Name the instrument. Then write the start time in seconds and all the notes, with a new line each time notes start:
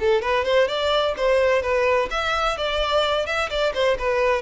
violin
0.00 A4
0.22 B4
0.45 C5
0.68 D5
1.17 C5
1.63 B4
2.11 E5
2.58 D5
3.26 E5
3.50 D5
3.74 C5
3.99 B4